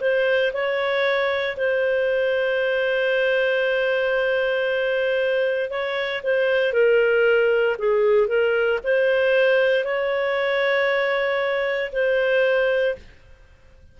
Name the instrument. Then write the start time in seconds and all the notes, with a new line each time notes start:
clarinet
0.00 C5
0.53 C#5
1.57 C5
5.70 C#5
6.23 C5
6.73 A#4
7.78 G#4
8.27 A#4
8.84 C5
9.84 C#5
11.92 C5